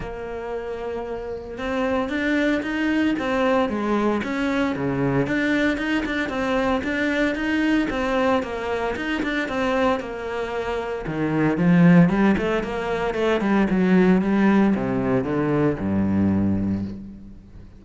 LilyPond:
\new Staff \with { instrumentName = "cello" } { \time 4/4 \tempo 4 = 114 ais2. c'4 | d'4 dis'4 c'4 gis4 | cis'4 cis4 d'4 dis'8 d'8 | c'4 d'4 dis'4 c'4 |
ais4 dis'8 d'8 c'4 ais4~ | ais4 dis4 f4 g8 a8 | ais4 a8 g8 fis4 g4 | c4 d4 g,2 | }